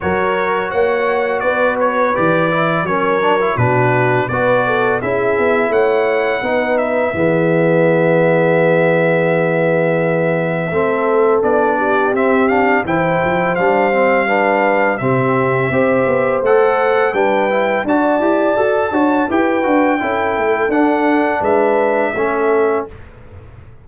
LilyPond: <<
  \new Staff \with { instrumentName = "trumpet" } { \time 4/4 \tempo 4 = 84 cis''4 fis''4 d''8 cis''8 d''4 | cis''4 b'4 d''4 e''4 | fis''4. e''2~ e''8~ | e''1 |
d''4 e''8 f''8 g''4 f''4~ | f''4 e''2 fis''4 | g''4 a''2 g''4~ | g''4 fis''4 e''2 | }
  \new Staff \with { instrumentName = "horn" } { \time 4/4 ais'4 cis''4 b'2 | ais'4 fis'4 b'8 a'8 gis'4 | cis''4 b'4 gis'2~ | gis'2. a'4~ |
a'8 g'4. c''2 | b'4 g'4 c''2 | b'4 d''4. cis''8 b'4 | a'2 b'4 a'4 | }
  \new Staff \with { instrumentName = "trombone" } { \time 4/4 fis'2. g'8 e'8 | cis'8 d'16 e'16 d'4 fis'4 e'4~ | e'4 dis'4 b2~ | b2. c'4 |
d'4 c'8 d'8 e'4 d'8 c'8 | d'4 c'4 g'4 a'4 | d'8 e'8 fis'8 g'8 a'8 fis'8 g'8 fis'8 | e'4 d'2 cis'4 | }
  \new Staff \with { instrumentName = "tuba" } { \time 4/4 fis4 ais4 b4 e4 | fis4 b,4 b4 cis'8 b8 | a4 b4 e2~ | e2. a4 |
b4 c'4 e8 f8 g4~ | g4 c4 c'8 b8 a4 | g4 d'8 e'8 fis'8 d'8 e'8 d'8 | cis'8 a8 d'4 gis4 a4 | }
>>